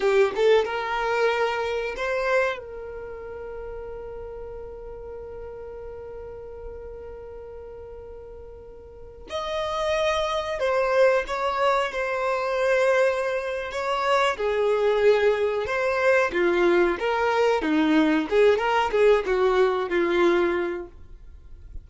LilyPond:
\new Staff \with { instrumentName = "violin" } { \time 4/4 \tempo 4 = 92 g'8 a'8 ais'2 c''4 | ais'1~ | ais'1~ | ais'2~ ais'16 dis''4.~ dis''16~ |
dis''16 c''4 cis''4 c''4.~ c''16~ | c''4 cis''4 gis'2 | c''4 f'4 ais'4 dis'4 | gis'8 ais'8 gis'8 fis'4 f'4. | }